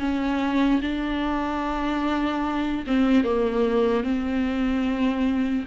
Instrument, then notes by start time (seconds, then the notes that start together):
viola
0.00 C#4
0.82 D4
2.87 C4
3.24 A#3
4.04 C4